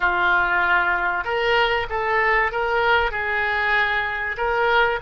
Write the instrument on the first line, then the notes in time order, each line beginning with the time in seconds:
oboe
0.00 F4
1.24 A#4
1.89 A4
2.51 A#4
3.11 G#4
4.37 A#4